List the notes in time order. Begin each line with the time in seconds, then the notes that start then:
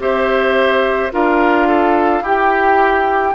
0.00 C4 G4 C5 E5
1.12 D4 F4 A#4 F5
1.68 A4
2.22 E4 G4 G5